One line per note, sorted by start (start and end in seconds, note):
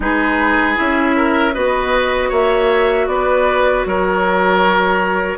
0.00 0.76 G#3
0.00 0.75 D#4
0.00 1.16 G#4
0.00 0.78 B4
0.75 1.56 C#4
0.75 1.52 E4
0.75 1.54 E5
1.16 1.54 A#4
1.54 2.31 B3
1.54 5.38 F#4
1.54 2.29 B4
1.54 2.31 D#5
2.29 3.07 A#3
2.29 3.06 C#5
2.29 3.07 E5
3.07 3.84 B3
3.07 3.87 B4
3.07 3.84 D5
3.85 5.38 F#3
3.85 5.38 A#4
3.85 5.38 C#5